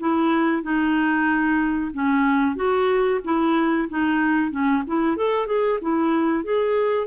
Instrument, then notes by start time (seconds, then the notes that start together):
clarinet
0.00 E4
0.63 D#4
1.94 C#4
2.56 F#4
3.24 E4
3.89 D#4
4.51 C#4
4.88 E4
5.17 A4
5.47 G#4
5.82 E4
6.44 G#4